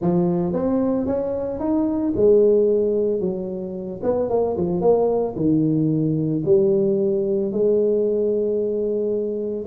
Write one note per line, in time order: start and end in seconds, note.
0.01 0.52 F3
0.52 1.06 C4
1.06 1.59 C#4
1.59 2.13 D#4
2.16 3.20 G#3
3.20 4.01 F#3
4.03 4.29 B3
4.29 4.56 A#3
4.57 4.81 F3
4.81 5.34 A#3
5.36 6.43 D#3
6.45 7.51 G3
7.51 9.66 G#3